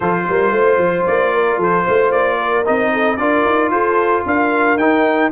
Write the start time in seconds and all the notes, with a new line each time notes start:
0.00 F3 F4 A4 C5
0.27 G3 A#4
0.51 A3 C5
0.78 F3
1.06 A#3 D5
1.34 A#4
1.57 F3 A4 C5
1.84 A3 C5
2.11 A#3 D5
2.38 A#4
2.64 C4 D#4 D#5
2.92 A4
3.16 D4 F4 A#4 D5
3.45 D#4
3.70 F4 A4 C5
4.26 D4 A#4 F5
4.76 D#4 G5